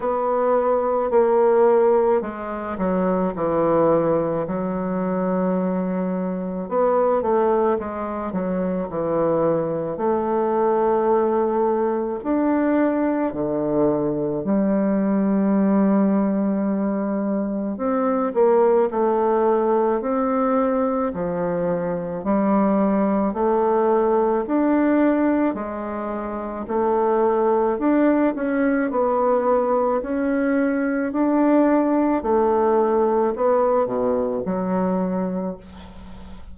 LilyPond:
\new Staff \with { instrumentName = "bassoon" } { \time 4/4 \tempo 4 = 54 b4 ais4 gis8 fis8 e4 | fis2 b8 a8 gis8 fis8 | e4 a2 d'4 | d4 g2. |
c'8 ais8 a4 c'4 f4 | g4 a4 d'4 gis4 | a4 d'8 cis'8 b4 cis'4 | d'4 a4 b8 b,8 fis4 | }